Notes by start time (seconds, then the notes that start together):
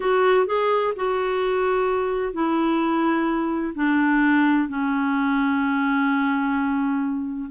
0.00 F#4
0.46 G#4
0.96 F#4
2.33 E4
3.75 D4
4.68 C#4